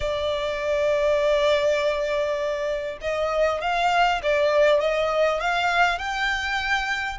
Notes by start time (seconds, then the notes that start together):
0.00 D5
3.01 D#5
3.61 F5
4.22 D5
4.80 D#5
5.40 F5
5.98 G5